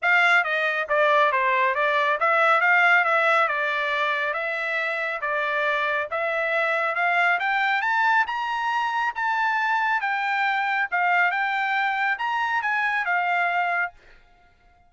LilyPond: \new Staff \with { instrumentName = "trumpet" } { \time 4/4 \tempo 4 = 138 f''4 dis''4 d''4 c''4 | d''4 e''4 f''4 e''4 | d''2 e''2 | d''2 e''2 |
f''4 g''4 a''4 ais''4~ | ais''4 a''2 g''4~ | g''4 f''4 g''2 | ais''4 gis''4 f''2 | }